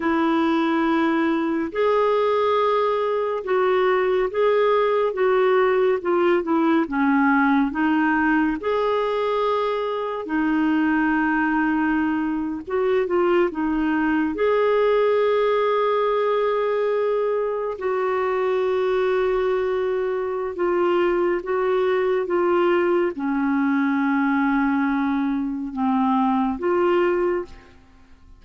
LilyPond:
\new Staff \with { instrumentName = "clarinet" } { \time 4/4 \tempo 4 = 70 e'2 gis'2 | fis'4 gis'4 fis'4 f'8 e'8 | cis'4 dis'4 gis'2 | dis'2~ dis'8. fis'8 f'8 dis'16~ |
dis'8. gis'2.~ gis'16~ | gis'8. fis'2.~ fis'16 | f'4 fis'4 f'4 cis'4~ | cis'2 c'4 f'4 | }